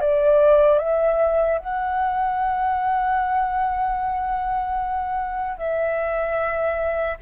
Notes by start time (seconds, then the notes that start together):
0.00 D5
0.78 E5
1.59 F#5
5.57 E5